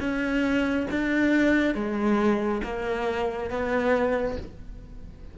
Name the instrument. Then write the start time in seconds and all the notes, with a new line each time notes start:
cello
0.00 C#4
0.91 D4
1.75 G#3
2.64 A#3
3.50 B3